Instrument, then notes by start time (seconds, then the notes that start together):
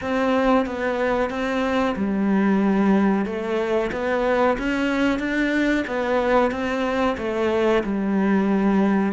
cello
0.01 C4
0.66 B3
1.30 C4
1.96 G3
3.25 A3
3.92 B3
4.58 C#4
5.19 D4
5.87 B3
6.51 C4
7.17 A3
7.83 G3